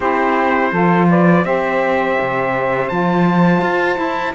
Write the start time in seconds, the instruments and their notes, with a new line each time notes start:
0.00 cello C4, saxophone E4 G4, trumpet C5
0.70 cello F3, saxophone F4 A4
1.09 saxophone B4, trumpet D5
1.43 cello C4, saxophone G4 C5, trumpet E5
2.20 cello C3
2.88 cello F3, saxophone F4, trumpet A5
3.61 cello F4
3.94 saxophone E4, cello E4